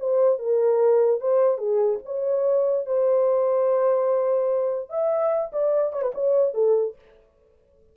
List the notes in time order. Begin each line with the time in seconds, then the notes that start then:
0.00 C5
0.39 A#4
1.21 C5
1.59 G#4
2.05 C#5
2.86 C5
4.90 E5
5.53 D5
5.93 C#5
6.02 B4
6.15 C#5
6.55 A4